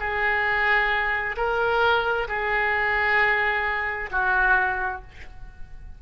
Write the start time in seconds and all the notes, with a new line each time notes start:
0.00 G#4
1.37 A#4
2.29 G#4
4.12 F#4